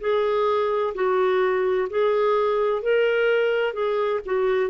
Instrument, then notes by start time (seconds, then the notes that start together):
clarinet
0.00 G#4
0.95 F#4
1.90 G#4
2.82 A#4
3.73 G#4
4.25 F#4